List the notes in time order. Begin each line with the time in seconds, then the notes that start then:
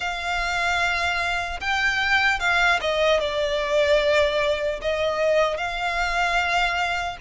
0.00 F5
1.60 G5
2.39 F5
2.80 D#5
3.20 D5
4.81 D#5
5.57 F5